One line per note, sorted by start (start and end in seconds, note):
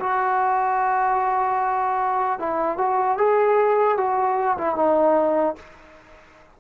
0.00 2.39 F#4
2.39 2.78 E4
2.78 3.17 F#4
3.17 3.97 G#4
3.97 4.57 F#4
4.58 4.76 E4
4.76 5.56 D#4